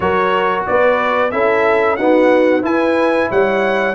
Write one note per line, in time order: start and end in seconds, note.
0.00 0.65 F#3
0.00 1.30 F#4
0.00 0.67 A#4
0.00 0.64 C#5
0.66 1.32 B3
0.66 1.32 B4
0.66 1.31 D5
1.31 1.98 C#4
1.31 1.98 E4
1.31 1.97 A4
1.31 1.96 E5
1.96 2.62 B3
1.96 2.63 D#4
1.96 2.63 F#4
1.96 2.62 F#5
2.62 3.94 E4
2.62 3.29 E4
2.62 3.29 B4
2.62 3.30 G#5
3.29 3.95 G3
3.29 3.95 C#5
3.29 3.95 F#5